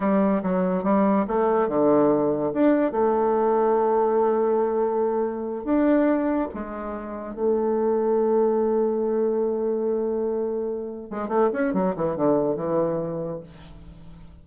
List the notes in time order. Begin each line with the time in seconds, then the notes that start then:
0.00 G3
0.42 F#3
0.83 G3
1.27 A3
1.68 D3
2.53 D4
2.91 A3
5.64 D4
6.53 G#3
7.34 A3
11.10 G#3
11.28 A3
11.52 C#4
11.73 F#3
11.96 E3
12.16 D3
12.55 E3